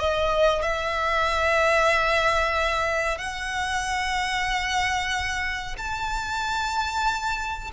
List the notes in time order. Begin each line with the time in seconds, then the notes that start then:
0.00 D#5
0.62 E5
3.18 F#5
5.78 A5